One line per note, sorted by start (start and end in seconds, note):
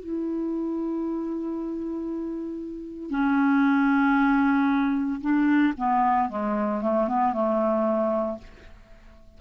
0.00 3.11 E4
3.11 5.21 C#4
5.22 5.74 D4
5.78 6.29 B3
6.29 6.82 G#3
6.82 7.08 A3
7.08 7.33 B3
7.33 8.39 A3